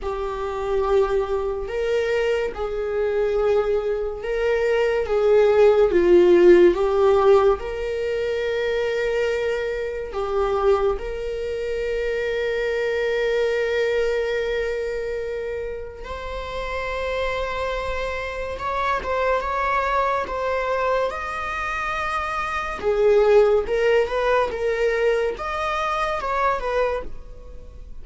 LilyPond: \new Staff \with { instrumentName = "viola" } { \time 4/4 \tempo 4 = 71 g'2 ais'4 gis'4~ | gis'4 ais'4 gis'4 f'4 | g'4 ais'2. | g'4 ais'2.~ |
ais'2. c''4~ | c''2 cis''8 c''8 cis''4 | c''4 dis''2 gis'4 | ais'8 b'8 ais'4 dis''4 cis''8 b'8 | }